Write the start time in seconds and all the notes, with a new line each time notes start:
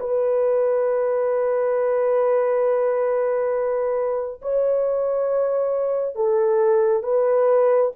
0.00 B4
4.42 C#5
6.16 A4
7.03 B4